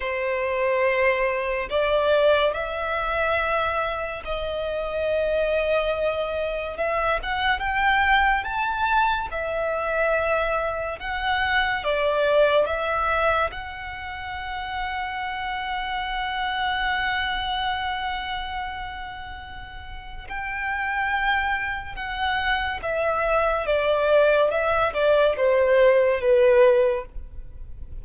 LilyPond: \new Staff \with { instrumentName = "violin" } { \time 4/4 \tempo 4 = 71 c''2 d''4 e''4~ | e''4 dis''2. | e''8 fis''8 g''4 a''4 e''4~ | e''4 fis''4 d''4 e''4 |
fis''1~ | fis''1 | g''2 fis''4 e''4 | d''4 e''8 d''8 c''4 b'4 | }